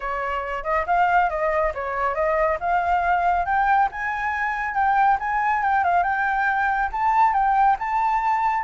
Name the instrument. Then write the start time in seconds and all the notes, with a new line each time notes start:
flute
0.00 C#5
0.63 D#5
0.86 F5
1.29 D#5
1.74 C#5
2.15 D#5
2.59 F5
3.45 G5
3.91 G#5
4.74 G5
5.19 G#5
5.62 G5
5.84 F5
6.03 G5
6.92 A5
7.33 G5
7.79 A5